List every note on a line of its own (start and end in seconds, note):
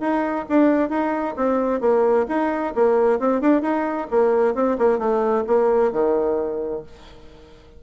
0.00 0.45 D#4
0.49 0.89 D4
0.89 1.35 D#4
1.36 1.81 C4
1.81 2.26 A#3
2.28 2.74 D#4
2.75 3.19 A#3
3.19 3.41 C4
3.41 3.62 D4
3.62 4.07 D#4
4.11 4.55 A#3
4.55 4.77 C4
4.78 4.99 A#3
4.99 5.44 A3
5.47 5.92 A#3
5.92 6.83 D#3